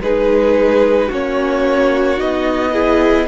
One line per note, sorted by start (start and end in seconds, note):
0.00 1.09 G#3
0.00 1.11 D#4
0.00 1.07 G#4
0.00 1.11 B4
1.07 2.20 A#3
1.07 2.17 C#4
1.07 2.71 F#4
1.07 2.19 C#5
2.17 3.27 B3
2.17 2.71 D#4
2.17 3.27 D#5
2.71 3.27 E4
2.71 3.26 G#4